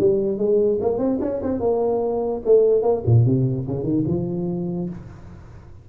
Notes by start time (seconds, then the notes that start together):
0.00 G3
0.38 G#3
0.82 A#3
0.98 C4
1.22 C#4
1.43 C4
1.60 A#3
2.45 A3
2.83 A#3
3.06 A#2
3.26 C3
3.67 C#3
3.84 D#3
4.08 F3